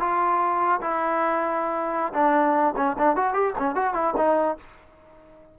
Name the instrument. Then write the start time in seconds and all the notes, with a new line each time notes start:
trombone
0.00 F4
0.81 E4
2.14 D4
2.77 C#4
2.99 D4
3.16 F#4
3.34 G4
3.59 C#4
3.76 F#4
3.94 E4
4.17 D#4